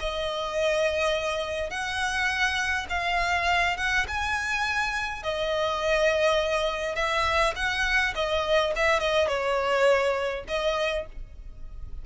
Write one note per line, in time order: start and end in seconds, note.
0.00 1.70 D#5
1.70 2.87 F#5
2.89 3.77 F5
3.77 4.06 F#5
4.08 5.23 G#5
5.23 6.95 D#5
6.95 7.54 E5
7.56 8.14 F#5
8.15 8.74 D#5
8.76 9.00 E5
9.00 9.28 D#5
9.28 10.44 C#5
10.48 11.06 D#5